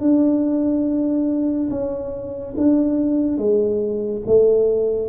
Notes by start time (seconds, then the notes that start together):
0.00 D4
1.70 C#4
2.57 D4
3.38 G#3
4.26 A3